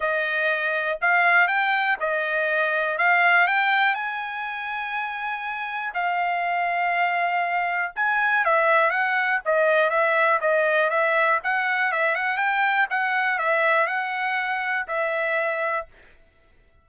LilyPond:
\new Staff \with { instrumentName = "trumpet" } { \time 4/4 \tempo 4 = 121 dis''2 f''4 g''4 | dis''2 f''4 g''4 | gis''1 | f''1 |
gis''4 e''4 fis''4 dis''4 | e''4 dis''4 e''4 fis''4 | e''8 fis''8 g''4 fis''4 e''4 | fis''2 e''2 | }